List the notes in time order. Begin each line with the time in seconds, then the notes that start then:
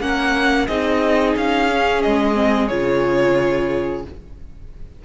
0.00 A#3 C#4 A#4 F#5
0.66 C4 D#4 G#4 D#5
1.36 C#4 F5
1.68 C#4
2.02 G#3 D#5
2.34 C4
2.67 C#3 F4 C#5